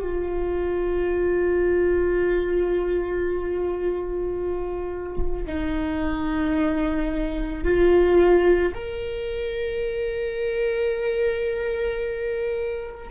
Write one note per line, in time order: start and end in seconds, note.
0.00 5.45 F4
5.46 7.64 D#4
7.64 8.73 F4
8.74 13.11 A#4